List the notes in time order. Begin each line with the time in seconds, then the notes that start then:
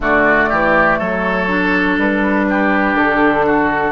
0.00 D3 A3 F#4 D5
0.49 E3 G4
0.98 F#3 A4 C#5
1.48 D4
1.97 G3 B4
2.49 G4
2.94 D3 A4
3.45 F#4